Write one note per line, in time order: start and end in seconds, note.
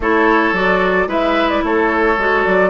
0.00 0.52 A3
0.00 0.54 E4
0.00 1.08 A4
0.00 0.54 C#5
0.52 1.06 F#3
0.52 1.07 F#4
0.52 1.09 D5
1.06 1.61 G#3
1.06 2.16 E4
1.06 1.63 B4
1.06 1.49 E5
1.49 1.62 D5
1.63 2.17 A3
1.63 2.70 A4
1.63 2.44 C#5
2.17 2.44 G#3
2.17 2.70 F#4
2.44 2.70 F#3
2.44 2.70 D5